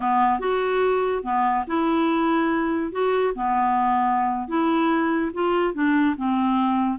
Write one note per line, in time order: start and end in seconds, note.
0.00 0.39 B3
0.39 1.23 F#4
1.23 1.64 B3
1.67 2.91 E4
2.91 3.33 F#4
3.34 4.48 B3
4.48 5.31 E4
5.33 5.74 F4
5.74 6.15 D4
6.16 6.98 C4